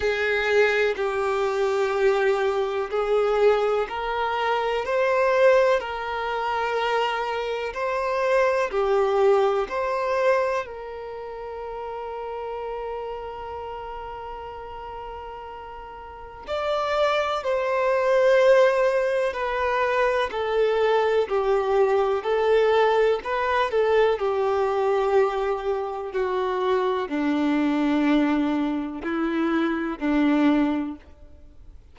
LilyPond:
\new Staff \with { instrumentName = "violin" } { \time 4/4 \tempo 4 = 62 gis'4 g'2 gis'4 | ais'4 c''4 ais'2 | c''4 g'4 c''4 ais'4~ | ais'1~ |
ais'4 d''4 c''2 | b'4 a'4 g'4 a'4 | b'8 a'8 g'2 fis'4 | d'2 e'4 d'4 | }